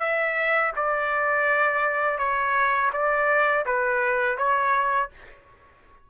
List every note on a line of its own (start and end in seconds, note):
0.00 0.72 E5
0.76 2.19 D5
2.19 2.91 C#5
2.93 3.65 D5
3.66 4.38 B4
4.38 5.10 C#5